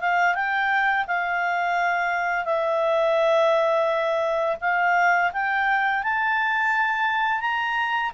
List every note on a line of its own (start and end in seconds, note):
0.00 0.34 F5
0.34 1.05 G5
1.07 2.44 F5
2.44 4.56 E5
4.61 5.31 F5
5.33 6.03 G5
6.03 7.40 A5
7.40 8.11 A#5